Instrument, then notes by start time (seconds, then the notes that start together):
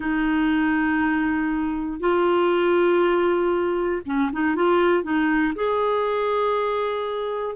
clarinet
0.00 D#4
2.00 F4
4.05 C#4
4.32 D#4
4.55 F4
5.03 D#4
5.55 G#4